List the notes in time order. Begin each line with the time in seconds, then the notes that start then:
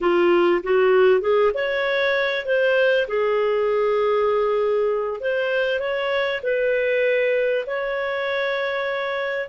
0.00 F4
0.63 F#4
1.21 G#4
1.54 C#5
2.45 C5
3.07 G#4
5.20 C5
5.79 C#5
6.42 B4
7.66 C#5